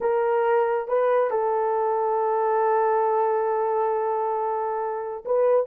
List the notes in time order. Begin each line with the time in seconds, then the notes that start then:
0.01 A#4
0.88 B4
1.30 A4
5.25 B4